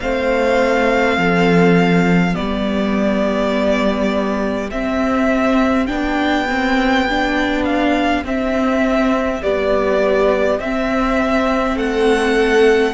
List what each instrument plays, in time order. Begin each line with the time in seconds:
0.00 cello A3, viola C4, violin C5 F5
1.17 cello F3, violin A4
2.33 cello G3, viola B3, violin G4 D5
4.71 cello C4, viola C4, violin E5
5.87 cello B3, viola D4, violin G5
6.49 viola C4
7.09 viola D4
7.64 violin F5
8.24 viola C4, cello C4, violin E5
9.42 viola G3, cello B3, violin D5
10.60 cello C4, viola C4, violin E5
11.74 cello A3, violin A4 F#5